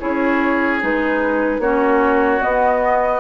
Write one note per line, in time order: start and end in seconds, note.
0.00 0.83 C#4
0.00 0.80 E4
0.00 1.61 G#4
0.00 0.81 C#5
0.80 1.59 G#3
0.80 1.61 D#4
0.80 1.61 B4
1.59 2.40 A#3
1.59 2.41 C#4
1.59 3.20 F#4
1.59 2.42 C#5
2.41 3.20 B3
2.41 3.20 D#5